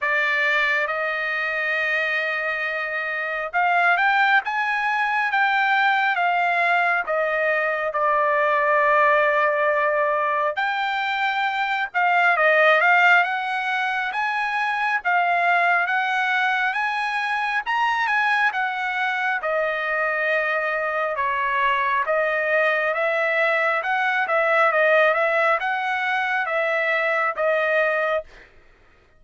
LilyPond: \new Staff \with { instrumentName = "trumpet" } { \time 4/4 \tempo 4 = 68 d''4 dis''2. | f''8 g''8 gis''4 g''4 f''4 | dis''4 d''2. | g''4. f''8 dis''8 f''8 fis''4 |
gis''4 f''4 fis''4 gis''4 | ais''8 gis''8 fis''4 dis''2 | cis''4 dis''4 e''4 fis''8 e''8 | dis''8 e''8 fis''4 e''4 dis''4 | }